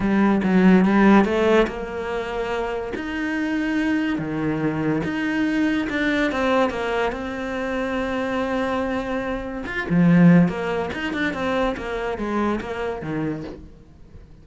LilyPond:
\new Staff \with { instrumentName = "cello" } { \time 4/4 \tempo 4 = 143 g4 fis4 g4 a4 | ais2. dis'4~ | dis'2 dis2 | dis'2 d'4 c'4 |
ais4 c'2.~ | c'2. f'8 f8~ | f4 ais4 dis'8 d'8 c'4 | ais4 gis4 ais4 dis4 | }